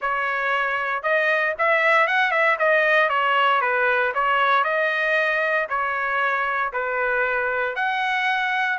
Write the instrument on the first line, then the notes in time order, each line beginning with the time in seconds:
trumpet
0.01 C#5
1.03 D#5
1.58 E5
2.07 F#5
2.31 E5
2.59 D#5
3.09 C#5
3.61 B4
4.14 C#5
4.64 D#5
5.69 C#5
6.72 B4
7.75 F#5